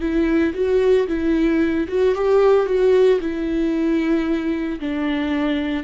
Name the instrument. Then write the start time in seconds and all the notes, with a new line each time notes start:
viola
0.00 E4
0.54 F#4
1.07 E4
1.88 F#4
2.15 G4
2.66 F#4
3.20 E4
4.80 D4